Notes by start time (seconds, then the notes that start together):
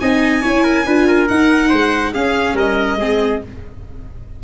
0.00 C4 D#4 D#5 G#5
0.42 C#4 E4 C#5
0.63 A#4
0.86 D4 F4 B4
1.08 A#4
1.28 D#4 F#5
1.69 G#3 C5
2.13 C#4 G#4 F5
2.53 G3 A#4 D#5
2.96 G#3 C4 G#4